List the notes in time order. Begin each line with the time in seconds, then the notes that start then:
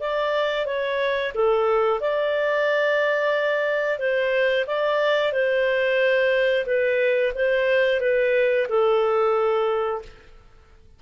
0.00 D5
0.66 C#5
1.35 A4
2.01 D5
3.99 C5
4.67 D5
5.33 C5
6.66 B4
7.35 C5
8.01 B4
8.69 A4